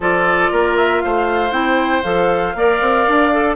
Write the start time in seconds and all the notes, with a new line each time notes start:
0.00 F3 F4 A4 D5
0.51 A#3 A#4
0.77 E5
1.01 A3 C5 F5
1.51 C4 E4 G5
2.02 F3 A4 F5
2.54 A#3 A#4 D5
2.80 C4
3.07 D4
3.32 A4